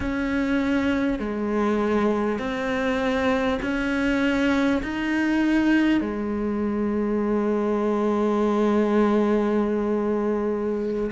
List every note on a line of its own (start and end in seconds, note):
0.00 1.19 C#4
1.19 2.38 G#3
2.38 3.58 C4
3.62 4.82 C#4
4.82 6.01 D#4
6.01 11.11 G#3